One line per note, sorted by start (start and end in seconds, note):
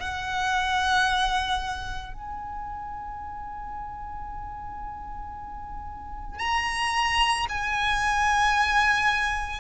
0.00 2.14 F#5
2.14 6.39 G#5
6.39 7.47 A#5
7.49 9.60 G#5